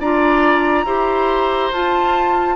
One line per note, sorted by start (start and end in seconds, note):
0.00 0.85 D4
0.00 0.86 F4
0.00 0.86 D5
0.00 1.72 A#5
0.85 1.71 E4
0.85 1.72 G4
0.85 2.56 C5
1.72 2.56 F4
1.72 2.56 A5